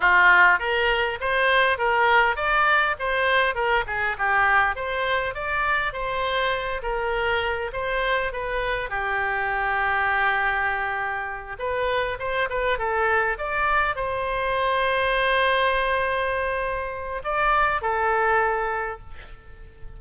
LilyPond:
\new Staff \with { instrumentName = "oboe" } { \time 4/4 \tempo 4 = 101 f'4 ais'4 c''4 ais'4 | d''4 c''4 ais'8 gis'8 g'4 | c''4 d''4 c''4. ais'8~ | ais'4 c''4 b'4 g'4~ |
g'2.~ g'8 b'8~ | b'8 c''8 b'8 a'4 d''4 c''8~ | c''1~ | c''4 d''4 a'2 | }